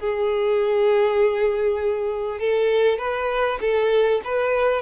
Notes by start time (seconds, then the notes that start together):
0.00 G#4
2.40 A4
2.99 B4
3.61 A4
4.25 B4